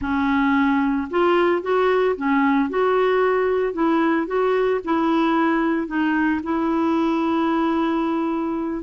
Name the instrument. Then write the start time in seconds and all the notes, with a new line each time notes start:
clarinet
0.01 C#4
1.10 F4
1.61 F#4
2.16 C#4
2.69 F#4
3.73 E4
4.27 F#4
4.84 E4
5.87 D#4
6.43 E4